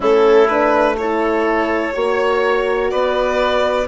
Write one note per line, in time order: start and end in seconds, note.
0.00 1.93 A3
0.00 0.48 C#4
0.00 0.95 E4
0.00 0.47 A4
0.47 0.98 D4
0.47 0.96 B4
0.97 1.93 E4
0.97 1.94 A4
0.97 2.90 C#5
1.93 2.92 A#3
1.93 3.87 F#4
1.93 2.91 C#5
2.90 3.87 B3
2.90 3.87 B4
2.90 3.87 D5